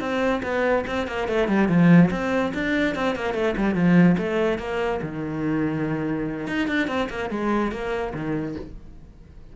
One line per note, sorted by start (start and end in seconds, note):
0.00 0.42 C4
0.43 0.85 B3
0.87 1.08 C4
1.08 1.28 A#3
1.28 1.48 A3
1.48 1.69 G3
1.69 2.10 F3
2.11 2.52 C4
2.54 2.95 D4
2.95 3.16 C4
3.16 3.34 A#3
3.34 3.55 A3
3.57 3.75 G3
3.75 4.16 F3
4.18 4.59 A3
4.59 5.00 A#3
5.02 6.48 D#3
6.48 6.68 D#4
6.68 6.88 D4
6.88 7.09 C4
7.10 7.30 A#3
7.30 7.72 G#3
7.72 8.13 A#3
8.14 8.56 D#3